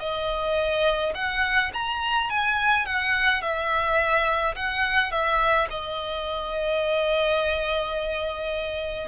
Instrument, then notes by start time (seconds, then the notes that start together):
violin
0.00 D#5
1.15 F#5
1.73 A#5
2.30 G#5
2.86 F#5
3.42 E5
4.55 F#5
5.11 E5
5.70 D#5